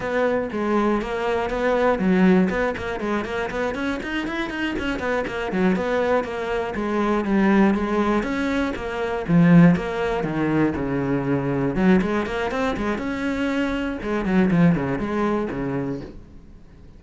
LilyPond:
\new Staff \with { instrumentName = "cello" } { \time 4/4 \tempo 4 = 120 b4 gis4 ais4 b4 | fis4 b8 ais8 gis8 ais8 b8 cis'8 | dis'8 e'8 dis'8 cis'8 b8 ais8 fis8 b8~ | b8 ais4 gis4 g4 gis8~ |
gis8 cis'4 ais4 f4 ais8~ | ais8 dis4 cis2 fis8 | gis8 ais8 c'8 gis8 cis'2 | gis8 fis8 f8 cis8 gis4 cis4 | }